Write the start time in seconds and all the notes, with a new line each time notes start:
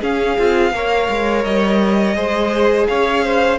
0.00 C#4 G#4 F5
0.38 C4 F4
0.72 A#3 A#4 C#5
1.09 G#3
1.44 G3 D#5
2.15 G#3 G#4 C5
2.87 C#4 C#5 F5
3.24 C5